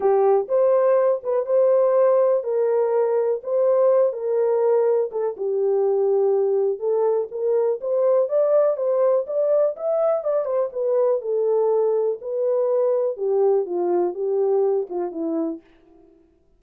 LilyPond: \new Staff \with { instrumentName = "horn" } { \time 4/4 \tempo 4 = 123 g'4 c''4. b'8 c''4~ | c''4 ais'2 c''4~ | c''8 ais'2 a'8 g'4~ | g'2 a'4 ais'4 |
c''4 d''4 c''4 d''4 | e''4 d''8 c''8 b'4 a'4~ | a'4 b'2 g'4 | f'4 g'4. f'8 e'4 | }